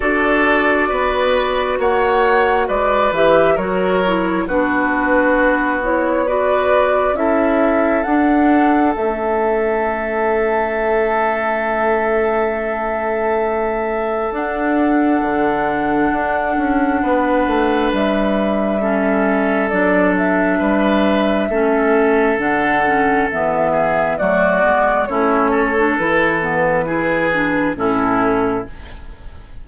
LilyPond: <<
  \new Staff \with { instrumentName = "flute" } { \time 4/4 \tempo 4 = 67 d''2 fis''4 d''8 e''8 | cis''4 b'4. cis''8 d''4 | e''4 fis''4 e''2~ | e''1 |
fis''1 | e''2 d''8 e''4.~ | e''4 fis''4 e''4 d''4 | cis''4 b'2 a'4 | }
  \new Staff \with { instrumentName = "oboe" } { \time 4/4 a'4 b'4 cis''4 b'4 | ais'4 fis'2 b'4 | a'1~ | a'1~ |
a'2. b'4~ | b'4 a'2 b'4 | a'2~ a'8 gis'8 fis'4 | e'8 a'4. gis'4 e'4 | }
  \new Staff \with { instrumentName = "clarinet" } { \time 4/4 fis'2.~ fis'8 g'8 | fis'8 e'8 d'4. e'8 fis'4 | e'4 d'4 cis'2~ | cis'1 |
d'1~ | d'4 cis'4 d'2 | cis'4 d'8 cis'8 b4 a8 b8 | cis'8. d'16 e'8 b8 e'8 d'8 cis'4 | }
  \new Staff \with { instrumentName = "bassoon" } { \time 4/4 d'4 b4 ais4 gis8 e8 | fis4 b2. | cis'4 d'4 a2~ | a1 |
d'4 d4 d'8 cis'8 b8 a8 | g2 fis4 g4 | a4 d4 e4 fis8 gis8 | a4 e2 a,4 | }
>>